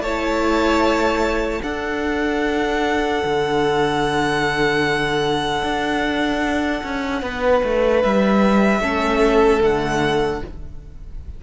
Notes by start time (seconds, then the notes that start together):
0.00 A3 E4 C#5 A5
1.59 D4 A4 F#5
3.25 D3
5.63 D4
6.83 C#4
7.22 B3 B4
7.64 A3
8.03 G3 E5
8.80 A3 C#4 A4
9.61 D3 A3 F#5